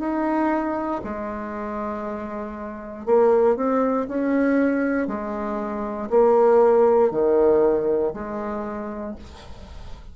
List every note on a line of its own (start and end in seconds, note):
0.00 1.02 D#4
1.04 3.06 G#3
3.06 3.57 A#3
3.57 4.08 C4
4.09 5.08 C#4
5.08 6.10 G#3
6.11 7.12 A#3
7.12 8.14 D#3
8.14 9.16 G#3